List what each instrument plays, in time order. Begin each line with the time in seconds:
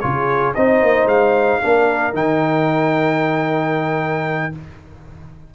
0.00 tuba C#3, trombone F4, horn G#4, trumpet C#5
0.55 tuba C4, trombone D#4, horn C5, trumpet D#5
0.82 tuba A#3
1.06 tuba G#3, trumpet F5
1.62 tuba A#3, trombone D4, horn A#4
2.13 tuba D#3, trombone D#4, trumpet G5